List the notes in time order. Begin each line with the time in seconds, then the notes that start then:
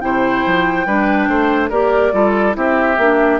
0.00 C3 E4 C5 G5
0.46 F3
0.86 G3 D4 B4
1.28 A3 C5
1.69 A#3 G4 A#4 D5
2.13 G3 F4 A4
2.52 C4 E4 G4 E5
2.98 A#3 D4